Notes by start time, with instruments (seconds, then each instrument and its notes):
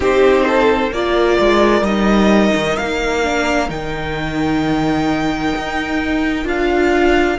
0.00 cello C4, viola D#4, violin G4 C5
0.46 violin A4
0.91 cello A#3, viola F4, violin A#4 D5
1.39 cello G#3
1.81 cello G3, viola D#4, violin D#5
2.54 cello D#3
2.76 cello A#3, violin F5
3.23 viola D4
3.68 cello D#3, viola D#4, violin G5
5.56 cello D#4
6.44 cello D4, viola F4, violin F5